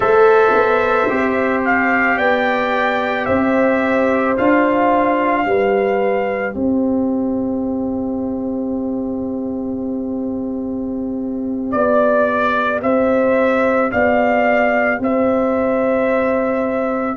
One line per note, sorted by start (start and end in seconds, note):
0.00 0.52 A3
0.00 1.07 A4
0.00 2.16 C5
0.00 1.63 E5
0.53 1.08 B3
1.09 2.18 C4
1.09 4.37 G4
1.64 2.17 F5
2.16 3.27 B3
2.16 3.25 D5
2.16 3.25 G5
3.25 4.37 C4
3.25 5.44 C5
3.25 4.34 E5
4.37 5.45 D4
4.37 5.45 F4
4.37 6.54 F5
5.45 6.54 G3
5.45 17.17 G4
5.45 6.56 B4
6.54 11.73 C4
6.54 11.72 C5
6.54 11.70 E5
11.70 12.82 B3
11.70 12.79 D5
11.70 12.81 D5
12.82 13.91 C4
12.82 13.91 C5
12.82 13.91 E5
13.91 14.98 B3
13.91 15.01 D5
13.91 15.00 F5
14.98 17.17 C4
14.98 17.17 C5
14.98 17.17 E5